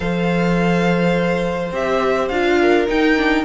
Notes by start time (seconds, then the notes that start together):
0.00 F3 A4 C5 F5
1.72 C4 G4 E5
2.28 D4 F4 F5
2.60 A#4
2.87 D#4 G5
3.16 D4